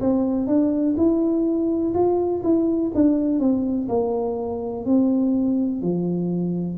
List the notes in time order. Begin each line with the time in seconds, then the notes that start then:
0.00 C4
0.47 D4
0.97 E4
1.94 F4
2.43 E4
2.94 D4
3.40 C4
3.89 A#3
4.86 C4
5.82 F3